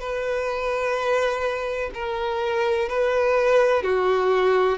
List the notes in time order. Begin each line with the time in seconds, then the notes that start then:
0.00 B4
1.94 A#4
2.89 B4
3.83 F#4